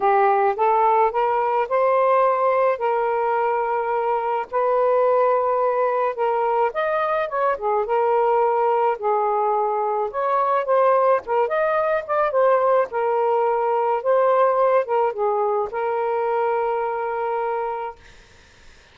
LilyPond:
\new Staff \with { instrumentName = "saxophone" } { \time 4/4 \tempo 4 = 107 g'4 a'4 ais'4 c''4~ | c''4 ais'2. | b'2. ais'4 | dis''4 cis''8 gis'8 ais'2 |
gis'2 cis''4 c''4 | ais'8 dis''4 d''8 c''4 ais'4~ | ais'4 c''4. ais'8 gis'4 | ais'1 | }